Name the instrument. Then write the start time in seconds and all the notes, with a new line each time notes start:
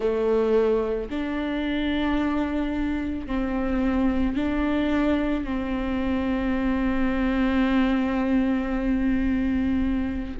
viola
0.00 A3
1.09 D4
3.26 C4
4.35 D4
5.44 C4